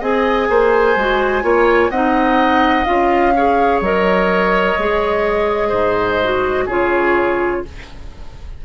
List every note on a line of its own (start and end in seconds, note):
0.00 0.49 C4
0.00 0.97 G#4
0.00 0.48 D#5
0.00 1.90 G#5
0.50 0.96 A#3
0.50 1.44 C5
0.96 1.43 G#3
0.96 1.42 F#4
1.42 1.90 A#3
1.42 1.90 F4
1.42 1.91 C#5
1.90 2.86 C4
1.90 2.86 D#4
1.90 3.34 D#5
1.90 2.85 F#5
2.85 3.81 C#4
2.85 3.33 F4
2.85 3.80 F5
3.36 3.84 G#4
3.36 5.69 C#5
3.81 4.76 F#3
3.81 4.79 A#4
3.81 6.68 D#5
4.78 5.72 G#3
4.78 6.22 G#4
5.69 6.67 G#2
5.69 6.64 C5
6.23 6.70 F#4
6.66 7.62 C#3
6.66 7.65 F4
6.66 7.61 G#4
6.66 7.64 C#5